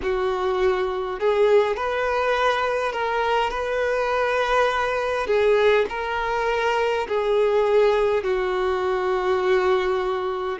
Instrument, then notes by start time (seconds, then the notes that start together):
violin
0.02 F#4
1.19 G#4
1.76 B4
2.92 A#4
3.50 B4
5.26 G#4
5.89 A#4
7.07 G#4
8.24 F#4